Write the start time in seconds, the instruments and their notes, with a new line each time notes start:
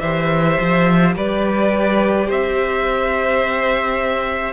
0.00 cello E3, viola G4, violin C5 E5
0.60 cello F3
1.16 cello G3, violin B4 D5
2.27 cello C4, violin C5 E5